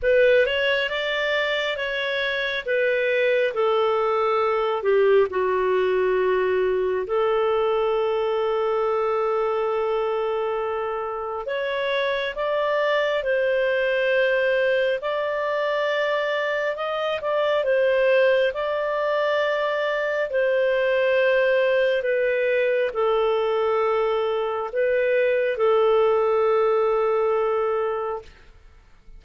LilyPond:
\new Staff \with { instrumentName = "clarinet" } { \time 4/4 \tempo 4 = 68 b'8 cis''8 d''4 cis''4 b'4 | a'4. g'8 fis'2 | a'1~ | a'4 cis''4 d''4 c''4~ |
c''4 d''2 dis''8 d''8 | c''4 d''2 c''4~ | c''4 b'4 a'2 | b'4 a'2. | }